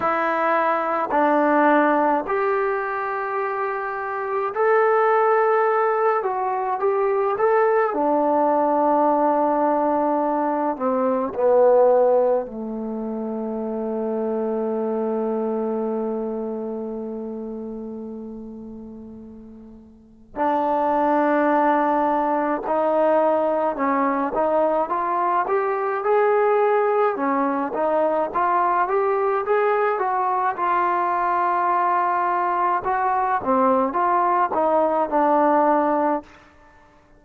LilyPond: \new Staff \with { instrumentName = "trombone" } { \time 4/4 \tempo 4 = 53 e'4 d'4 g'2 | a'4. fis'8 g'8 a'8 d'4~ | d'4. c'8 b4 a4~ | a1~ |
a2 d'2 | dis'4 cis'8 dis'8 f'8 g'8 gis'4 | cis'8 dis'8 f'8 g'8 gis'8 fis'8 f'4~ | f'4 fis'8 c'8 f'8 dis'8 d'4 | }